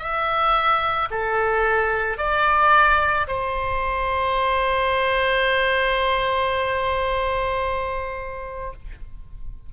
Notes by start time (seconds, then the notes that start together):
0.00 E5
1.11 A4
2.18 D5
3.28 C5